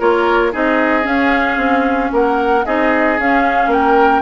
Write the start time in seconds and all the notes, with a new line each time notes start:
0.00 A#3 F4 A#4 C#5
0.53 C4 D#4 G#4 D#5
1.03 C#4 F5
1.57 C4
2.13 A#3 A#4 F#5
2.66 C4 D#4 G#4 D#5
3.19 C#4 F5
3.67 A#3 A#4 G5